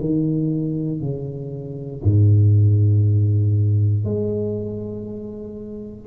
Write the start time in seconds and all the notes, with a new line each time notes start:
0.00 D#3
1.01 C#3
2.03 G#2
4.04 G#3